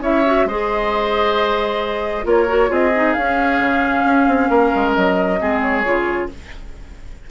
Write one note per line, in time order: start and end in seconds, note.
0.00 0.45 C#4
0.00 0.24 E4
0.00 0.46 C#5
0.00 0.48 E5
0.26 0.48 F#4
0.45 2.24 G#3
0.45 2.24 G#4
0.45 2.26 C5
0.45 2.27 D#5
2.24 2.69 A#3
2.24 2.46 F4
2.24 2.70 A#4
2.24 2.72 C#5
2.48 2.68 F#4
2.68 3.15 C4
2.68 2.90 F4
2.68 4.49 G#4
2.68 3.13 D#5
2.95 3.17 D#4
3.13 3.59 C#4
3.13 5.39 C#4
3.13 4.92 F5
3.59 4.04 C#3
4.05 4.27 C#4
4.27 4.49 C4
4.49 4.72 A#3
4.49 5.39 A#4
4.74 4.96 G#3
4.93 5.41 F#3
4.93 5.60 D#5
5.39 5.85 G#3
5.39 5.84 C4
5.39 6.30 G#4
5.62 6.29 C#5
5.84 6.30 C#3
5.84 6.29 F4